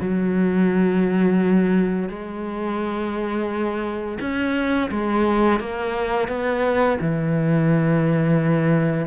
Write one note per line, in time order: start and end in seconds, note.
0.00 2.09 F#3
2.09 4.18 G#3
4.21 4.91 C#4
4.91 5.60 G#3
5.60 6.29 A#3
6.29 6.98 B3
7.01 9.07 E3